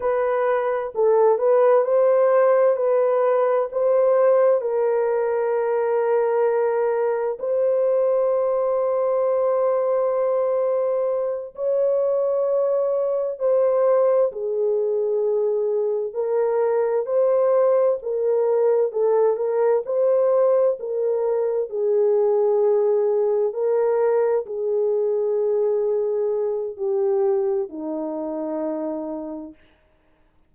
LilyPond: \new Staff \with { instrumentName = "horn" } { \time 4/4 \tempo 4 = 65 b'4 a'8 b'8 c''4 b'4 | c''4 ais'2. | c''1~ | c''8 cis''2 c''4 gis'8~ |
gis'4. ais'4 c''4 ais'8~ | ais'8 a'8 ais'8 c''4 ais'4 gis'8~ | gis'4. ais'4 gis'4.~ | gis'4 g'4 dis'2 | }